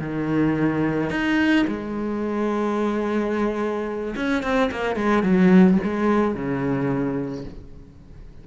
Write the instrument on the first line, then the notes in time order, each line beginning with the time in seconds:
cello
0.00 D#3
1.10 D#4
1.67 G#3
4.16 C#4
4.43 C4
4.71 A#3
4.96 G#3
5.23 F#3
5.84 G#3
6.35 C#3